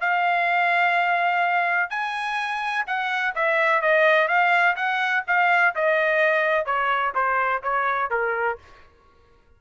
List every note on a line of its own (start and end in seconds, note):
0.00 1.90 F5
1.90 2.85 G#5
2.87 3.34 F#5
3.35 3.81 E5
3.81 4.28 D#5
4.28 4.75 F5
4.76 5.23 F#5
5.27 5.75 F5
5.75 6.65 D#5
6.65 7.13 C#5
7.15 7.62 C5
7.63 8.10 C#5
8.10 8.58 A#4